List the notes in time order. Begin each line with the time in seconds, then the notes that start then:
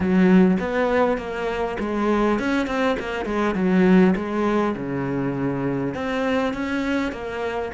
0.00 F#3
0.59 B3
1.17 A#3
1.79 G#3
2.39 C#4
2.66 C4
2.99 A#3
3.25 G#3
3.55 F#3
4.15 G#3
4.76 C#3
5.94 C4
6.53 C#4
7.12 A#3